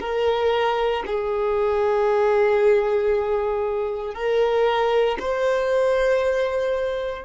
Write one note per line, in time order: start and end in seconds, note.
0.00 1.03 A#4
1.06 4.14 G#4
4.14 5.18 A#4
5.20 7.25 C5